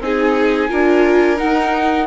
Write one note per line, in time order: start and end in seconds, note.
0.00 0.69 C4
0.00 0.69 D#4
0.00 0.70 G#4
0.00 1.38 G#5
0.69 1.41 D4
0.69 1.36 F4
0.69 2.07 A#4
1.36 2.05 D#4
1.36 2.07 D#4
1.36 2.07 F#5